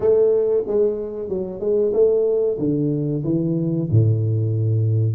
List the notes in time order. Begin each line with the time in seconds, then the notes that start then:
0.00 A3
0.67 G#3
1.28 F#3
1.60 G#3
1.93 A3
2.58 D3
3.24 E3
3.90 A2